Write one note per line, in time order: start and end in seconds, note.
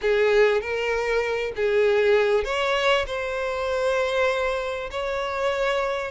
0.01 0.61 G#4
0.61 1.53 A#4
1.56 2.44 G#4
2.44 3.05 C#5
3.06 4.90 C5
4.91 6.11 C#5